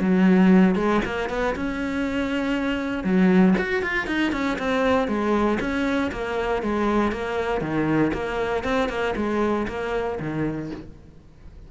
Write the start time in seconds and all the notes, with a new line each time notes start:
0.00 F#3
0.75 G#3
1.05 A#3
1.29 B3
1.55 C#4
3.04 F#3
3.58 F#4
3.83 F4
4.07 D#4
4.32 C#4
4.59 C4
5.08 G#3
5.60 C#4
6.12 A#3
6.63 G#3
7.12 A#3
7.61 D#3
8.13 A#3
8.64 C4
8.89 A#3
9.16 G#3
9.68 A#3
10.20 D#3